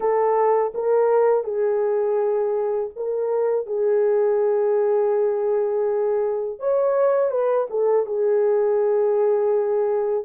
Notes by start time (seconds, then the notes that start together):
0.00 A4
0.74 A#4
1.44 G#4
2.96 A#4
3.66 G#4
6.59 C#5
7.30 B4
7.70 A4
8.06 G#4